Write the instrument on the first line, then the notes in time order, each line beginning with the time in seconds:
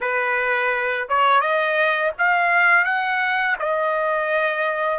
trumpet
0.00 B4
1.08 C#5
1.40 D#5
2.18 F5
2.84 F#5
3.59 D#5